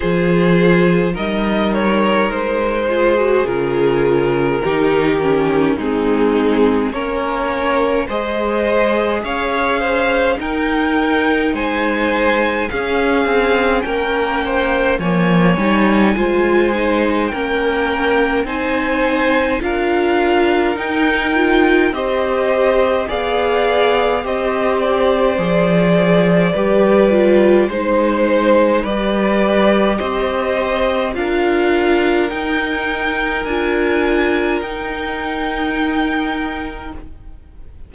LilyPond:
<<
  \new Staff \with { instrumentName = "violin" } { \time 4/4 \tempo 4 = 52 c''4 dis''8 cis''8 c''4 ais'4~ | ais'4 gis'4 cis''4 dis''4 | f''4 g''4 gis''4 f''4 | g''4 gis''2 g''4 |
gis''4 f''4 g''4 dis''4 | f''4 dis''8 d''2~ d''8 | c''4 d''4 dis''4 f''4 | g''4 gis''4 g''2 | }
  \new Staff \with { instrumentName = "violin" } { \time 4/4 gis'4 ais'4. gis'4. | g'4 dis'4 ais'4 c''4 | cis''8 c''8 ais'4 c''4 gis'4 | ais'8 c''8 cis''4 c''4 ais'4 |
c''4 ais'2 c''4 | d''4 c''2 b'4 | c''4 b'4 c''4 ais'4~ | ais'1 | }
  \new Staff \with { instrumentName = "viola" } { \time 4/4 f'4 dis'4. f'16 fis'16 f'4 | dis'8 cis'8 c'4 cis'4 gis'4~ | gis'4 dis'2 cis'4~ | cis'4 ais8 dis'8 f'8 dis'8 cis'4 |
dis'4 f'4 dis'8 f'8 g'4 | gis'4 g'4 gis'4 g'8 f'8 | dis'4 g'2 f'4 | dis'4 f'4 dis'2 | }
  \new Staff \with { instrumentName = "cello" } { \time 4/4 f4 g4 gis4 cis4 | dis4 gis4 ais4 gis4 | cis'4 dis'4 gis4 cis'8 c'8 | ais4 f8 g8 gis4 ais4 |
c'4 d'4 dis'4 c'4 | b4 c'4 f4 g4 | gis4 g4 c'4 d'4 | dis'4 d'4 dis'2 | }
>>